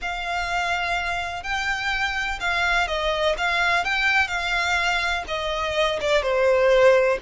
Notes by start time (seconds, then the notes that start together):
0.01 F5
1.43 G5
2.40 F5
2.87 D#5
3.37 F5
3.84 G5
4.27 F5
5.27 D#5
6.00 D5
6.22 C5